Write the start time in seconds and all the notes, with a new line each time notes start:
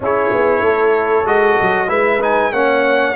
0.00 C#4 E4 G#4 C#5
0.32 B3
0.61 A3 A4
1.25 G#3 F#4 D#5
1.61 F#3
1.88 G#3 E4 B4 E5
2.20 D#4 G#5
2.52 A#3 C#4 C#5 F#5